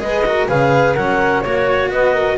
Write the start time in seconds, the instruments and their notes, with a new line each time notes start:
0.00 double bass G#3, cello G#4, flute B4, clarinet D#5
0.26 cello F#4, flute A#4
0.48 double bass C#3, cello G#4, flute B4, clarinet F5
0.94 double bass F#3, cello C#4, flute A#4, clarinet F#5
1.42 double bass A#3, cello F#4, flute C#5, clarinet C#5
1.90 double bass B3, flute B4, clarinet D#5
2.13 flute A#4